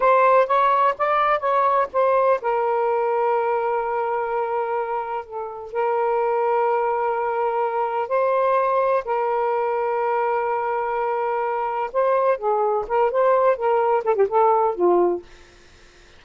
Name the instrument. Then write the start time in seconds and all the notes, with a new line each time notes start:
saxophone
0.00 C5
0.46 C#5
0.97 D5
1.39 C#5
1.92 C5
2.41 A#4
5.25 A4
5.72 A#4
8.08 C5
9.04 A#4
11.92 C5
12.37 G#4
12.87 A#4
13.11 C5
13.56 A#4
14.04 A4
14.15 G4
14.28 A4
14.74 F4